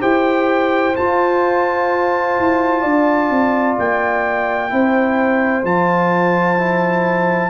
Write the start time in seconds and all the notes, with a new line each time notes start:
0.00 E4 G4 C5 G5
0.95 F4 A5
2.39 E4
2.81 D4 D5
3.30 C4
3.79 A#3 G5
4.70 C4 E4 C5
5.64 F3 F4 A5
6.58 E4